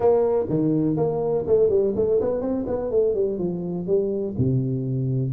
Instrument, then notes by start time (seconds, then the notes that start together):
tuba
0.00 A#3
0.49 D#3
0.96 A#3
1.46 A3
1.69 G3
1.95 A3
2.20 B3
2.41 C4
2.67 B3
2.90 A3
3.14 G3
3.38 F3
3.86 G3
4.37 C3